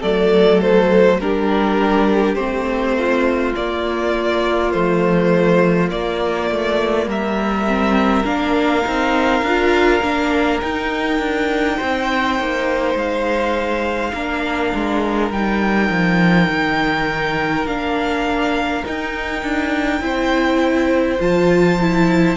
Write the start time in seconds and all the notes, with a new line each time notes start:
0.00 F#3 A3 A4 D5
0.61 C5
1.20 G3 D4 G4 A#4
2.34 A3 C4 C5
2.97 F4
3.55 A#3 D5
4.71 F3 A3 C5
5.89 A#3 D5
6.50 A3
7.06 G3 A#4 E5
7.67 C4
8.25 A#3 D4 F5
8.83 C4 D#4
9.42 D4 F4
10.02 A#3 D4
10.61 D#4 G5
11.19 D4
11.76 C4 C5
12.39 A#3
12.95 G#3 F5
14.13 A#3 D4 A#4
14.74 G#3
15.30 G3 D#4 G5
15.89 F3
16.49 D#3
17.65 A#3 D4 F5
18.85 D#4 G5
19.43 D4
20.00 C4 E4 C5
21.20 F3 F4 A5
21.80 E4